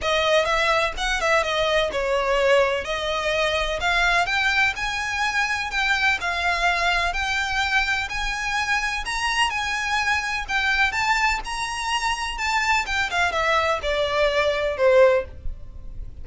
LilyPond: \new Staff \with { instrumentName = "violin" } { \time 4/4 \tempo 4 = 126 dis''4 e''4 fis''8 e''8 dis''4 | cis''2 dis''2 | f''4 g''4 gis''2 | g''4 f''2 g''4~ |
g''4 gis''2 ais''4 | gis''2 g''4 a''4 | ais''2 a''4 g''8 f''8 | e''4 d''2 c''4 | }